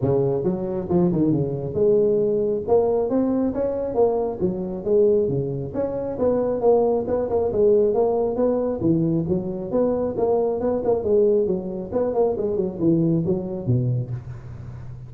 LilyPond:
\new Staff \with { instrumentName = "tuba" } { \time 4/4 \tempo 4 = 136 cis4 fis4 f8 dis8 cis4 | gis2 ais4 c'4 | cis'4 ais4 fis4 gis4 | cis4 cis'4 b4 ais4 |
b8 ais8 gis4 ais4 b4 | e4 fis4 b4 ais4 | b8 ais8 gis4 fis4 b8 ais8 | gis8 fis8 e4 fis4 b,4 | }